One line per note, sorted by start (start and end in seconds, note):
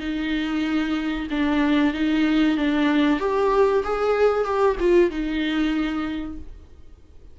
0.00 1.28 D#4
1.30 1.94 D4
1.94 2.57 D#4
2.57 3.19 D4
3.19 3.83 G4
3.84 4.44 G#4
4.44 4.76 G4
4.80 5.10 F4
5.10 6.38 D#4